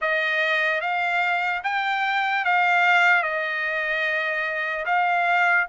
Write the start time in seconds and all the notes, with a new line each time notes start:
0.01 D#5
0.80 F5
1.63 G5
2.44 F5
3.22 D#5
4.85 F5